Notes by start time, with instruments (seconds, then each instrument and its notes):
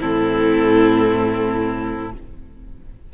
0.00 cello A2, viola C4, violin E4 A4